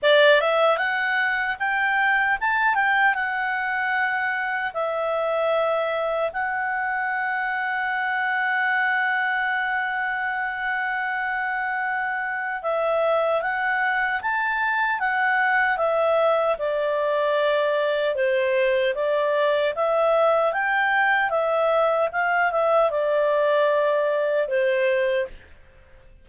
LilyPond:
\new Staff \with { instrumentName = "clarinet" } { \time 4/4 \tempo 4 = 76 d''8 e''8 fis''4 g''4 a''8 g''8 | fis''2 e''2 | fis''1~ | fis''1 |
e''4 fis''4 a''4 fis''4 | e''4 d''2 c''4 | d''4 e''4 g''4 e''4 | f''8 e''8 d''2 c''4 | }